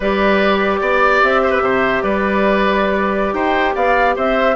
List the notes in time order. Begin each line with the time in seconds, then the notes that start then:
0.00 G3 G4 B4 D5
0.81 B3 D5
1.22 C4 E5
1.42 C5
1.51 B4
1.60 C3 C5
2.02 G3 B4 D5
3.33 D#4 C5 G5
3.74 B3 D5 F5
4.15 C4 C5 E5